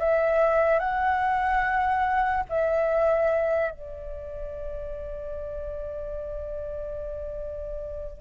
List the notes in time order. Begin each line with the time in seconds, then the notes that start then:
0.00 E5
0.79 F#5
2.49 E5
3.71 D5